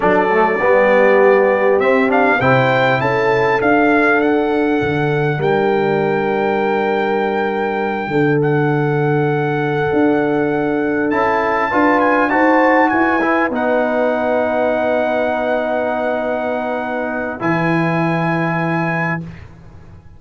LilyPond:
<<
  \new Staff \with { instrumentName = "trumpet" } { \time 4/4 \tempo 4 = 100 d''2. e''8 f''8 | g''4 a''4 f''4 fis''4~ | fis''4 g''2.~ | g''2 fis''2~ |
fis''2~ fis''8 a''4. | gis''8 a''4 gis''4 fis''4.~ | fis''1~ | fis''4 gis''2. | }
  \new Staff \with { instrumentName = "horn" } { \time 4/4 a'4 g'2. | c''4 a'2.~ | a'4 ais'2.~ | ais'4. a'2~ a'8~ |
a'2.~ a'8 b'8~ | b'8 c''4 b'2~ b'8~ | b'1~ | b'1 | }
  \new Staff \with { instrumentName = "trombone" } { \time 4/4 d'8 a8 b2 c'8 d'8 | e'2 d'2~ | d'1~ | d'1~ |
d'2~ d'8 e'4 f'8~ | f'8 fis'4. e'8 dis'4.~ | dis'1~ | dis'4 e'2. | }
  \new Staff \with { instrumentName = "tuba" } { \time 4/4 fis4 g2 c'4 | c4 cis'4 d'2 | d4 g2.~ | g4. d2~ d8~ |
d8 d'2 cis'4 d'8~ | d'8 dis'4 e'4 b4.~ | b1~ | b4 e2. | }
>>